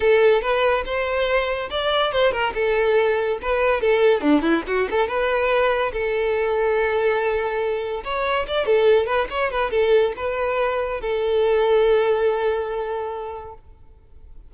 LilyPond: \new Staff \with { instrumentName = "violin" } { \time 4/4 \tempo 4 = 142 a'4 b'4 c''2 | d''4 c''8 ais'8 a'2 | b'4 a'4 d'8 e'8 fis'8 a'8 | b'2 a'2~ |
a'2. cis''4 | d''8 a'4 b'8 cis''8 b'8 a'4 | b'2 a'2~ | a'1 | }